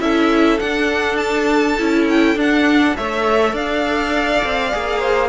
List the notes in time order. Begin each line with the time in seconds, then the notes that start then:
0.00 C#4 E4 A4 E5
0.59 D4 F#5
1.17 A5
1.78 C#4 E4
2.09 G5
2.35 D4 F#5
2.95 A3 A4 C#5 E5
3.53 D4 D5 F5
4.44 C4
4.72 A#3 G#4
4.99 C5